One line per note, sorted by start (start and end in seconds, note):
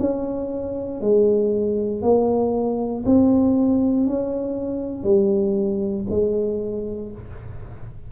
0.00 1.01 C#4
1.01 2.02 G#3
2.02 3.04 A#3
3.06 4.07 C4
4.07 5.04 C#4
5.04 6.06 G3
6.10 7.12 G#3